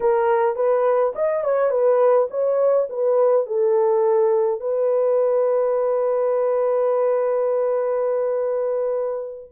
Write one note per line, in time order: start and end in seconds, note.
0.00 0.55 A#4
0.55 1.13 B4
1.15 1.44 D#5
1.44 1.70 C#5
1.70 2.28 B4
2.30 2.88 C#5
2.89 3.46 B4
3.46 4.60 A4
4.60 9.50 B4